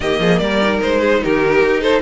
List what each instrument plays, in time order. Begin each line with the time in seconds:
0.00 cello D#3, viola A#3, violin G4 D#5
0.19 cello F3, violin G#4
0.38 cello G3, violin A#4 D5
0.61 viola D#4
0.82 cello G#3, violin C5
1.00 violin G#4
1.23 cello D#3, violin G4 A#4
1.62 cello D#4
1.81 violin A4 C5